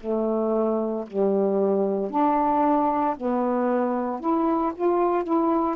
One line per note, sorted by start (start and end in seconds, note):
0.00 1.05 A3
1.07 2.11 G3
2.11 3.16 D4
3.17 4.20 B3
4.20 4.73 E4
4.75 5.23 F4
5.23 5.76 E4